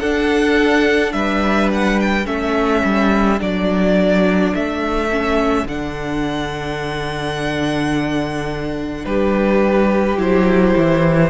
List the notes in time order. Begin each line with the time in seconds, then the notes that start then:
0.00 D4 A4 F#5
1.13 G3 B4 E5
1.73 F#5
2.00 G5
2.25 A3 C#4 A4 E5
2.84 G3
3.39 F#3 D4 D5
4.54 A3 E5
5.11 C#4
5.65 D3 D4 F#5
9.05 G3 G4 B4
10.17 F#3 E4 C5
10.77 E3